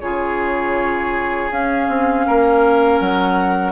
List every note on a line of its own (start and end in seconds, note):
0.00 1.50 C#3
0.00 1.50 F4
0.00 2.27 G#4
0.00 1.50 C#5
1.50 1.88 C#4
1.50 3.73 C#4
1.50 3.00 F5
1.88 2.26 C4
2.27 3.01 A#3
2.27 3.73 A#4
3.00 3.73 F#3
3.00 3.73 F#5